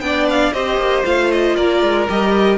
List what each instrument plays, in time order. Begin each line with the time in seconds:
0.00 cello B3, viola D4, violin D5 G5
0.29 violin F5
0.53 cello C4, viola G4, violin C5 D#5
0.77 cello A#3
1.04 cello A3, viola F4, violin F5
1.31 violin D#5
1.56 cello A#3, violin A#4 D5
1.82 cello G#3
2.08 cello G3, viola G4, violin D#5